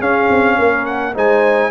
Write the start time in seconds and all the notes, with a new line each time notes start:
0.00 C#4 G#4 F5
0.30 C4
0.59 A#3 A#4
0.85 F#5
1.14 G#3 D#4 C5 G#5